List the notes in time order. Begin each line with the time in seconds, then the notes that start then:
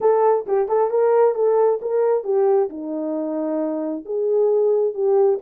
0.01 A4
0.46 G4
0.68 A4
0.90 A#4
1.35 A4
1.81 A#4
2.24 G4
2.69 D#4
4.05 G#4
4.94 G4